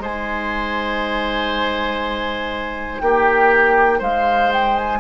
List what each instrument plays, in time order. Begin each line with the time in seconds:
0.00 bassoon G#3, clarinet D#4, oboe C5, flute G#5
3.01 bassoon A#3, oboe G4, flute G5
3.99 bassoon G#3, oboe C5, flute F5
4.53 flute G5
4.77 flute G#5